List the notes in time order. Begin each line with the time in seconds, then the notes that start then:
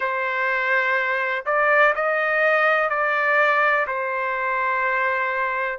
0.00 C5
1.45 D5
1.95 D#5
2.89 D5
3.87 C5